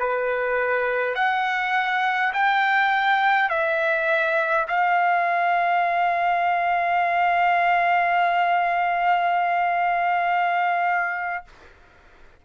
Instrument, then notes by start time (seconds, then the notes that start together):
trumpet
0.00 B4
1.16 F#5
2.34 G5
3.50 E5
4.68 F5